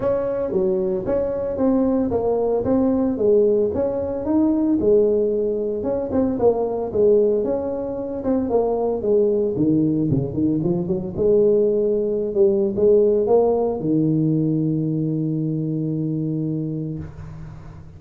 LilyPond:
\new Staff \with { instrumentName = "tuba" } { \time 4/4 \tempo 4 = 113 cis'4 fis4 cis'4 c'4 | ais4 c'4 gis4 cis'4 | dis'4 gis2 cis'8 c'8 | ais4 gis4 cis'4. c'8 |
ais4 gis4 dis4 cis8 dis8 | f8 fis8 gis2~ gis16 g8. | gis4 ais4 dis2~ | dis1 | }